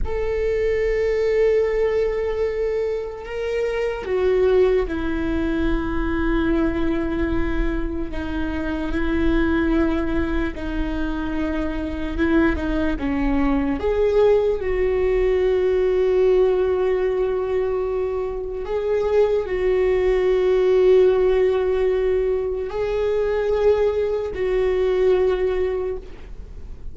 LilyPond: \new Staff \with { instrumentName = "viola" } { \time 4/4 \tempo 4 = 74 a'1 | ais'4 fis'4 e'2~ | e'2 dis'4 e'4~ | e'4 dis'2 e'8 dis'8 |
cis'4 gis'4 fis'2~ | fis'2. gis'4 | fis'1 | gis'2 fis'2 | }